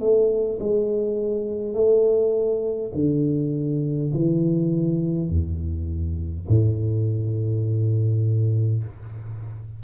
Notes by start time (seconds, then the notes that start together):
0.00 A3
0.60 G#3
1.74 A3
2.95 D3
4.13 E3
5.29 E2
6.49 A2